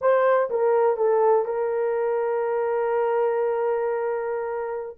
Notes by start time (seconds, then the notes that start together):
0.01 C5
0.50 A#4
0.97 A4
1.45 A#4